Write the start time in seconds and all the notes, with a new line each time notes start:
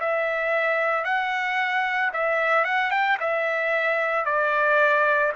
0.00 E5
1.04 F#5
2.13 E5
2.64 F#5
2.90 G5
3.19 E5
4.25 D5